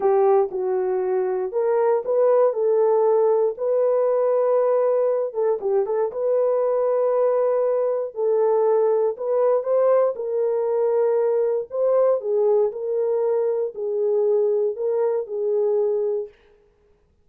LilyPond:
\new Staff \with { instrumentName = "horn" } { \time 4/4 \tempo 4 = 118 g'4 fis'2 ais'4 | b'4 a'2 b'4~ | b'2~ b'8 a'8 g'8 a'8 | b'1 |
a'2 b'4 c''4 | ais'2. c''4 | gis'4 ais'2 gis'4~ | gis'4 ais'4 gis'2 | }